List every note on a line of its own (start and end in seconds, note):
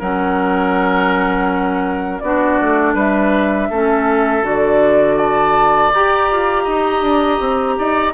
0.00 2.22 F#3
0.00 2.23 C#4
0.00 2.22 A#4
0.00 2.20 F#5
2.20 2.59 B3
2.20 3.73 D4
2.20 2.95 F#4
2.20 2.94 D5
2.62 2.95 A3
2.95 3.69 G3
2.95 3.69 B4
2.95 4.47 E5
3.70 4.43 A3
3.70 4.43 C#4
3.70 5.17 A4
4.43 5.91 D3
4.43 5.91 F#4
4.43 5.18 D5
5.17 6.64 D5
5.17 5.92 A5
5.94 6.31 G4
5.94 8.14 G4
5.94 8.14 A#5
6.32 6.68 F4
6.64 7.02 D#4
6.64 7.75 D#5
7.02 7.39 D4
7.40 7.77 C4
7.79 8.14 D#4
7.79 8.14 D5